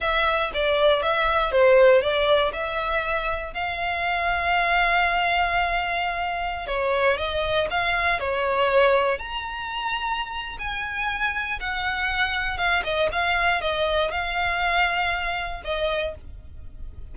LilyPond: \new Staff \with { instrumentName = "violin" } { \time 4/4 \tempo 4 = 119 e''4 d''4 e''4 c''4 | d''4 e''2 f''4~ | f''1~ | f''4~ f''16 cis''4 dis''4 f''8.~ |
f''16 cis''2 ais''4.~ ais''16~ | ais''4 gis''2 fis''4~ | fis''4 f''8 dis''8 f''4 dis''4 | f''2. dis''4 | }